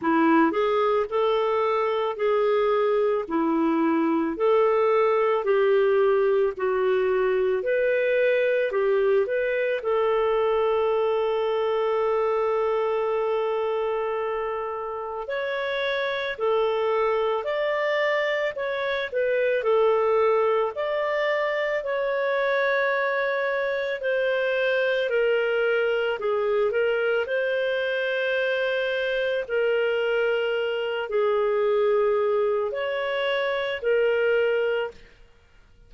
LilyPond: \new Staff \with { instrumentName = "clarinet" } { \time 4/4 \tempo 4 = 55 e'8 gis'8 a'4 gis'4 e'4 | a'4 g'4 fis'4 b'4 | g'8 b'8 a'2.~ | a'2 cis''4 a'4 |
d''4 cis''8 b'8 a'4 d''4 | cis''2 c''4 ais'4 | gis'8 ais'8 c''2 ais'4~ | ais'8 gis'4. cis''4 ais'4 | }